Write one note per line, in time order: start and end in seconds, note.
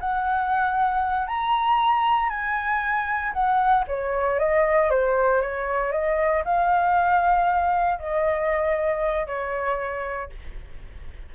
0.00 1.27 F#5
1.27 2.29 A#5
2.29 3.33 G#5
3.33 3.85 F#5
3.87 4.39 C#5
4.39 4.90 D#5
4.90 5.41 C5
5.41 5.92 C#5
5.92 6.43 D#5
6.45 7.99 F5
7.99 9.27 D#5
9.27 10.30 C#5